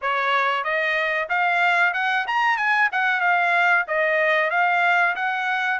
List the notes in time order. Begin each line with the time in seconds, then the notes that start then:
0.01 C#5
0.64 D#5
1.29 F5
1.93 F#5
2.27 A#5
2.57 G#5
2.92 F#5
3.20 F5
3.87 D#5
4.50 F5
5.15 F#5